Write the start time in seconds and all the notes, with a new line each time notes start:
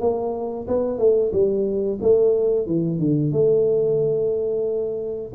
0.00 A#3
0.68 B3
0.98 A3
1.32 G3
2.01 A3
2.66 E3
2.99 D3
3.32 A3